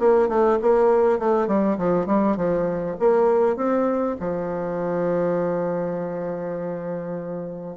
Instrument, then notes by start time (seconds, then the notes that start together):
bassoon
0.00 A#3
0.29 A3
0.62 A#3
1.19 A3
1.48 G3
1.78 F3
2.07 G3
2.37 F3
3.00 A#3
3.57 C4
4.20 F3